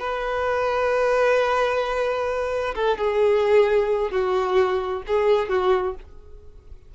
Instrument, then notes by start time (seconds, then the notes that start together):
violin
0.00 B4
2.75 A4
2.98 G#4
4.11 F#4
5.07 G#4
5.49 F#4